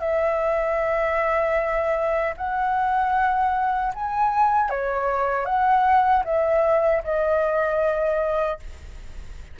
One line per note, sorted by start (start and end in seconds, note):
0.00 2.34 E5
2.37 3.93 F#5
3.95 4.70 G#5
4.70 5.45 C#5
5.45 6.23 F#5
6.25 7.03 E5
7.04 8.60 D#5